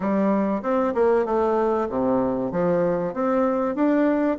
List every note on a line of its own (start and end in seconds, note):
0.00 0.62 G3
0.62 0.93 C4
0.94 1.25 A#3
1.25 1.88 A3
1.89 2.51 C3
2.51 3.13 F3
3.13 3.75 C4
3.75 4.37 D4